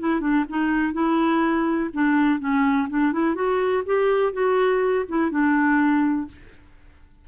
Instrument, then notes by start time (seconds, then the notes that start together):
clarinet
0.00 E4
0.21 D4
0.50 D#4
0.94 E4
1.94 D4
2.40 C#4
2.90 D4
3.13 E4
3.35 F#4
3.86 G4
4.33 F#4
5.09 E4
5.31 D4